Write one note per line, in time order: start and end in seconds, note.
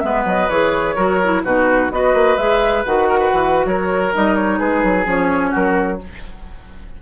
0.00 0.25 G#3
0.00 0.49 B3
0.00 0.96 B4
0.00 0.23 E5
0.25 0.49 F#3
0.25 0.49 D#5
0.49 0.96 E3
0.49 0.96 G#4
0.49 1.43 C#5
0.96 1.44 F#3
0.96 1.20 F#4
0.96 1.42 A#4
1.24 1.45 E4
1.44 1.91 B2
1.44 1.92 D#4
1.44 1.91 F#4
1.44 1.92 B4
1.91 2.14 B3
1.91 2.38 F#4
1.91 3.08 B4
1.91 2.37 D#5
2.14 2.37 A#3
2.37 2.84 G#3
2.37 2.86 G#4
2.37 2.84 E5
2.85 3.33 D#3
2.85 4.13 F#4
2.85 3.66 F#5
3.08 3.19 A#4
3.19 3.66 B4
3.33 3.65 E3
3.65 4.12 F#3
3.65 4.59 A#4
3.65 4.13 C#5
4.13 4.61 G3
4.13 5.05 D#4
4.13 4.36 D#5
4.36 4.59 C#5
4.59 4.83 G#3
4.59 5.51 G#4
4.59 5.06 B4
4.83 5.06 F#3
5.05 5.53 F3
5.05 5.98 C#4
5.05 5.54 C#5
5.51 6.02 F#3
5.51 5.97 F#4
5.51 6.01 A#4